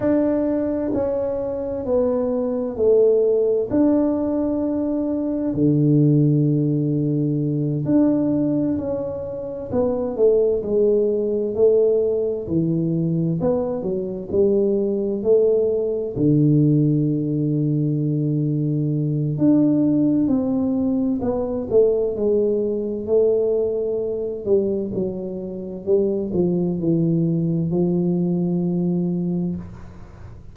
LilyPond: \new Staff \with { instrumentName = "tuba" } { \time 4/4 \tempo 4 = 65 d'4 cis'4 b4 a4 | d'2 d2~ | d8 d'4 cis'4 b8 a8 gis8~ | gis8 a4 e4 b8 fis8 g8~ |
g8 a4 d2~ d8~ | d4 d'4 c'4 b8 a8 | gis4 a4. g8 fis4 | g8 f8 e4 f2 | }